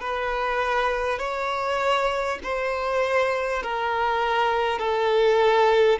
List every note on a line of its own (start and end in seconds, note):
0.00 1.18 B4
1.18 2.38 C#5
2.43 3.63 C5
3.63 4.78 A#4
4.78 5.98 A4